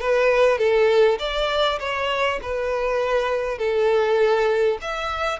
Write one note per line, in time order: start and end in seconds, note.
0.00 0.58 B4
0.58 1.18 A4
1.19 1.79 D5
1.79 2.39 C#5
2.42 3.58 B4
3.58 4.78 A4
4.81 5.39 E5